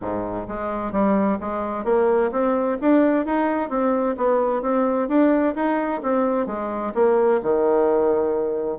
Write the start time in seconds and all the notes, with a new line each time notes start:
0.01 G#2
0.47 G#3
0.91 G3
1.40 G#3
1.84 A#3
2.31 C4
2.81 D4
3.25 D#4
3.69 C4
4.17 B3
4.62 C4
5.08 D4
5.55 D#4
6.03 C4
6.46 G#3
6.94 A#3
7.42 D#3